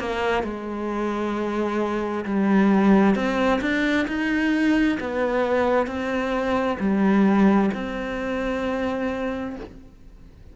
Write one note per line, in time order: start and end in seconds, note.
0.00 0.43 A#3
0.43 2.25 G#3
2.26 3.15 G3
3.15 3.61 C4
3.62 4.07 D4
4.08 4.99 D#4
5.00 5.87 B3
5.87 6.78 C4
6.80 7.71 G3
7.74 9.56 C4